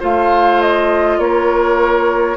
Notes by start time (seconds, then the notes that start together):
0.00 A3 F4 C5 F5
0.62 D#5
1.18 A#3 A#4 C#5